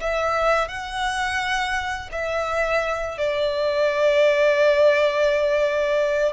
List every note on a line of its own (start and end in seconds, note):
0.00 0.68 E5
0.68 2.09 F#5
2.12 3.17 E5
3.17 6.32 D5